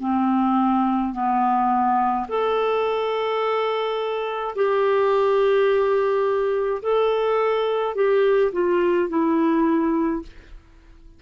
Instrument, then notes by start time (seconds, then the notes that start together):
clarinet
0.00 C4
1.13 B3
2.28 A4
4.55 G4
6.82 A4
7.95 G4
8.52 F4
9.09 E4